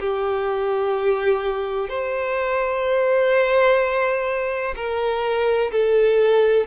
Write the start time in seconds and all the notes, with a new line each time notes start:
0.00 G4
1.89 C5
4.76 A#4
5.72 A4